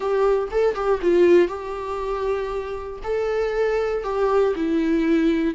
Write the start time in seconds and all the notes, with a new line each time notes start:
0.00 G4
0.51 A4
0.74 G4
1.02 F4
1.48 G4
3.03 A4
4.03 G4
4.55 E4